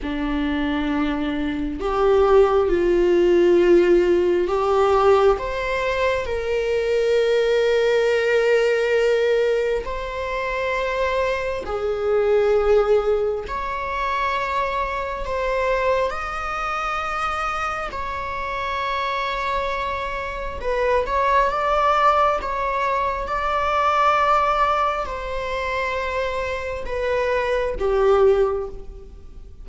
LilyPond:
\new Staff \with { instrumentName = "viola" } { \time 4/4 \tempo 4 = 67 d'2 g'4 f'4~ | f'4 g'4 c''4 ais'4~ | ais'2. c''4~ | c''4 gis'2 cis''4~ |
cis''4 c''4 dis''2 | cis''2. b'8 cis''8 | d''4 cis''4 d''2 | c''2 b'4 g'4 | }